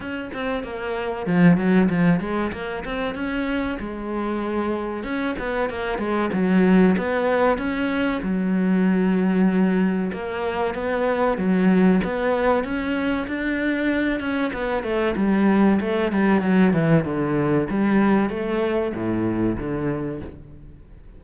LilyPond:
\new Staff \with { instrumentName = "cello" } { \time 4/4 \tempo 4 = 95 cis'8 c'8 ais4 f8 fis8 f8 gis8 | ais8 c'8 cis'4 gis2 | cis'8 b8 ais8 gis8 fis4 b4 | cis'4 fis2. |
ais4 b4 fis4 b4 | cis'4 d'4. cis'8 b8 a8 | g4 a8 g8 fis8 e8 d4 | g4 a4 a,4 d4 | }